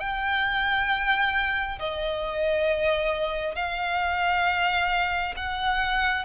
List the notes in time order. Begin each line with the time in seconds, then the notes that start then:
0.00 G5
1.80 D#5
3.56 F5
5.36 F#5